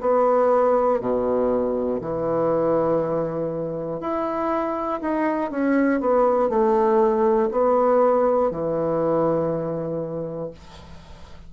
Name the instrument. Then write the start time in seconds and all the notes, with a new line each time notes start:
bassoon
0.00 B3
1.00 B2
2.00 E3
4.00 E4
5.01 D#4
5.50 C#4
6.00 B3
6.49 A3
7.50 B3
8.50 E3